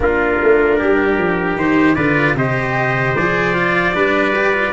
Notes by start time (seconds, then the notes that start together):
0.00 A#3 D4 F4 A#4
0.43 A3
0.78 G3 G4
1.18 F3
1.56 D#3 D#4 C5
1.95 D3 F4 B4 D5
2.35 C3 G4 C5 D#5
3.16 F3 G#4 D5
3.53 F4
3.94 G3 D4 B4
4.35 G4
4.53 F4